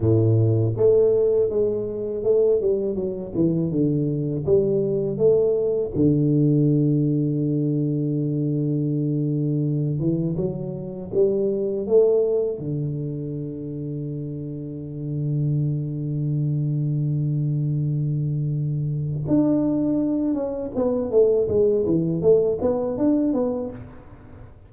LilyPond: \new Staff \with { instrumentName = "tuba" } { \time 4/4 \tempo 4 = 81 a,4 a4 gis4 a8 g8 | fis8 e8 d4 g4 a4 | d1~ | d4. e8 fis4 g4 |
a4 d2.~ | d1~ | d2 d'4. cis'8 | b8 a8 gis8 e8 a8 b8 d'8 b8 | }